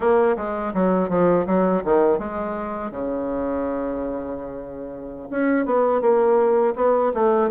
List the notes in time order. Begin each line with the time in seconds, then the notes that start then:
0.00 A#3
0.36 G#3
0.74 F#3
1.09 F3
1.46 F#3
1.84 D#3
2.19 G#3
2.91 C#3
5.30 C#4
5.65 B3
6.01 A#3
6.75 B3
7.13 A3